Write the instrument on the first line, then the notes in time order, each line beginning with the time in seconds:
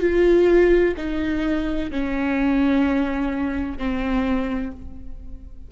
viola
0.00 F4
0.97 D#4
1.90 C#4
3.78 C4